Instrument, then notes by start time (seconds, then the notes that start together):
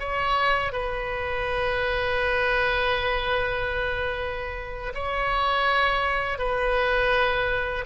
oboe
0.00 C#5
0.73 B4
4.95 C#5
6.39 B4